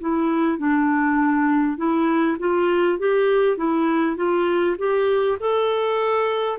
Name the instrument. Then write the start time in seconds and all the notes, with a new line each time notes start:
clarinet
0.00 E4
0.58 D4
1.77 E4
2.39 F4
2.98 G4
3.57 E4
4.16 F4
4.78 G4
5.40 A4